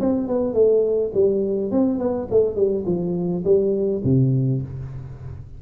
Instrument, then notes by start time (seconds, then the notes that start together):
tuba
0.00 C4
0.28 B3
0.54 A3
1.14 G3
1.72 C4
1.99 B3
2.31 A3
2.56 G3
2.86 F3
3.44 G3
4.04 C3